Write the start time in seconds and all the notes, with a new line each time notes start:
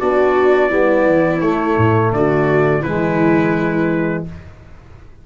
0.00 B3 D4 F#4 D5
0.70 G3 B3 E4
1.06 E3
1.41 A3 C#5
1.77 A2
2.12 D3 F#4 D5
2.81 E3 G#3 E4 B4